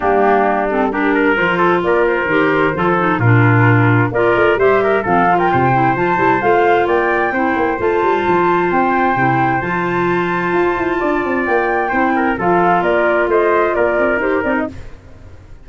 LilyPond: <<
  \new Staff \with { instrumentName = "flute" } { \time 4/4 \tempo 4 = 131 g'4. a'8 ais'4 c''4 | d''8 c''2~ c''8 ais'4~ | ais'4 d''4 e''4 f''8. g''16~ | g''4 a''4 f''4 g''4~ |
g''4 a''2 g''4~ | g''4 a''2.~ | a''4 g''2 f''4 | d''4 dis''4 d''4 c''8 d''16 dis''16 | }
  \new Staff \with { instrumentName = "trumpet" } { \time 4/4 d'2 g'8 ais'4 a'8 | ais'2 a'4 f'4~ | f'4 ais'4 c''8 ais'8 a'8. ais'16 | c''2. d''4 |
c''1~ | c''1 | d''2 c''8 ais'8 a'4 | ais'4 c''4 ais'2 | }
  \new Staff \with { instrumentName = "clarinet" } { \time 4/4 ais4. c'8 d'4 f'4~ | f'4 g'4 f'8 dis'8 d'4~ | d'4 f'4 g'4 c'8 f'8~ | f'8 e'8 f'8 e'8 f'2 |
e'4 f'2. | e'4 f'2.~ | f'2 e'4 f'4~ | f'2. g'8 dis'8 | }
  \new Staff \with { instrumentName = "tuba" } { \time 4/4 g2. f4 | ais4 dis4 f4 ais,4~ | ais,4 ais8 a8 g4 f4 | c4 f8 g8 a4 ais4 |
c'8 ais8 a8 g8 f4 c'4 | c4 f2 f'8 e'8 | d'8 c'8 ais4 c'4 f4 | ais4 a4 ais8 c'8 dis'8 c'8 | }
>>